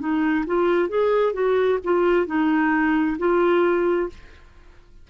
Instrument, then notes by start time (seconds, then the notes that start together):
clarinet
0.00 D#4
0.47 F4
0.89 G#4
1.34 F#4
1.85 F4
2.27 D#4
3.19 F4